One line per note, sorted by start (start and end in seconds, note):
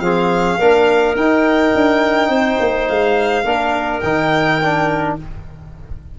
0.00 0.57 F3
0.00 0.60 C4
0.00 0.58 G#4
0.00 1.15 F5
0.58 1.15 A#3
0.58 1.17 D4
0.58 2.29 A#4
1.15 1.73 D#4
1.15 3.45 D#4
1.15 2.88 G5
1.75 2.29 D4
2.29 2.58 C4
2.29 3.43 C5
2.60 2.89 A#3
2.88 3.44 G#3
2.88 4.00 F5
3.44 4.02 A#3
3.44 4.02 D4
3.44 5.16 A#4
4.00 5.18 D#3
4.00 4.62 D#4
4.00 5.14 G5
4.62 5.19 D4